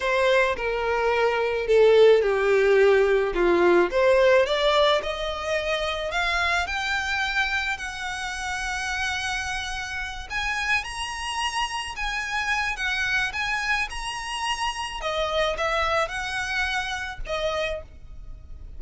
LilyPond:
\new Staff \with { instrumentName = "violin" } { \time 4/4 \tempo 4 = 108 c''4 ais'2 a'4 | g'2 f'4 c''4 | d''4 dis''2 f''4 | g''2 fis''2~ |
fis''2~ fis''8 gis''4 ais''8~ | ais''4. gis''4. fis''4 | gis''4 ais''2 dis''4 | e''4 fis''2 dis''4 | }